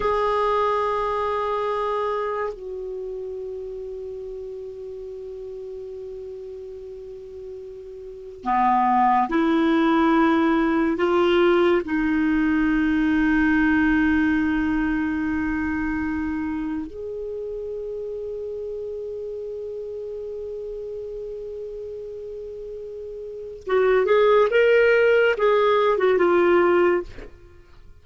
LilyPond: \new Staff \with { instrumentName = "clarinet" } { \time 4/4 \tempo 4 = 71 gis'2. fis'4~ | fis'1~ | fis'2 b4 e'4~ | e'4 f'4 dis'2~ |
dis'1 | gis'1~ | gis'1 | fis'8 gis'8 ais'4 gis'8. fis'16 f'4 | }